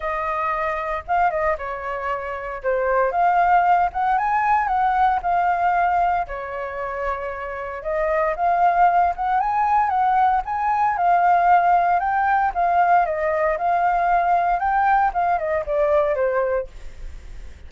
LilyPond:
\new Staff \with { instrumentName = "flute" } { \time 4/4 \tempo 4 = 115 dis''2 f''8 dis''8 cis''4~ | cis''4 c''4 f''4. fis''8 | gis''4 fis''4 f''2 | cis''2. dis''4 |
f''4. fis''8 gis''4 fis''4 | gis''4 f''2 g''4 | f''4 dis''4 f''2 | g''4 f''8 dis''8 d''4 c''4 | }